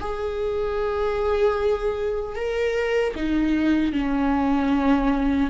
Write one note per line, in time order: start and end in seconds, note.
0.00 2.36 G#4
2.36 3.15 A#4
3.16 3.93 D#4
3.93 5.50 C#4